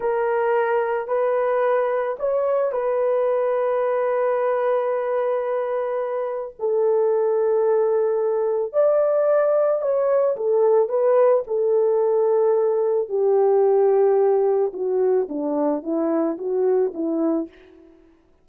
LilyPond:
\new Staff \with { instrumentName = "horn" } { \time 4/4 \tempo 4 = 110 ais'2 b'2 | cis''4 b'2.~ | b'1 | a'1 |
d''2 cis''4 a'4 | b'4 a'2. | g'2. fis'4 | d'4 e'4 fis'4 e'4 | }